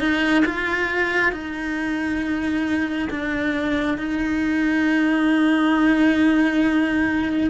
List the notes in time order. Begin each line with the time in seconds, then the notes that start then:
0.00 D#4
0.45 F4
1.32 D#4
3.10 D4
3.98 D#4